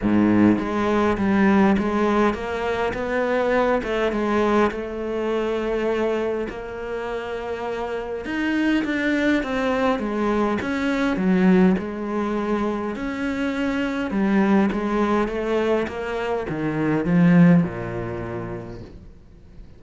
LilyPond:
\new Staff \with { instrumentName = "cello" } { \time 4/4 \tempo 4 = 102 gis,4 gis4 g4 gis4 | ais4 b4. a8 gis4 | a2. ais4~ | ais2 dis'4 d'4 |
c'4 gis4 cis'4 fis4 | gis2 cis'2 | g4 gis4 a4 ais4 | dis4 f4 ais,2 | }